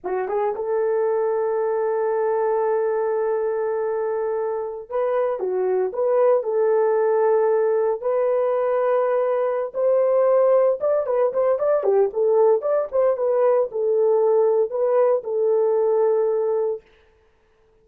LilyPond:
\new Staff \with { instrumentName = "horn" } { \time 4/4 \tempo 4 = 114 fis'8 gis'8 a'2.~ | a'1~ | a'4~ a'16 b'4 fis'4 b'8.~ | b'16 a'2. b'8.~ |
b'2~ b'8 c''4.~ | c''8 d''8 b'8 c''8 d''8 g'8 a'4 | d''8 c''8 b'4 a'2 | b'4 a'2. | }